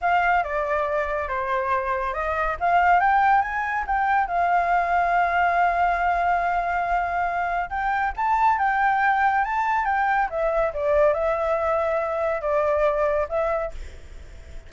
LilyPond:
\new Staff \with { instrumentName = "flute" } { \time 4/4 \tempo 4 = 140 f''4 d''2 c''4~ | c''4 dis''4 f''4 g''4 | gis''4 g''4 f''2~ | f''1~ |
f''2 g''4 a''4 | g''2 a''4 g''4 | e''4 d''4 e''2~ | e''4 d''2 e''4 | }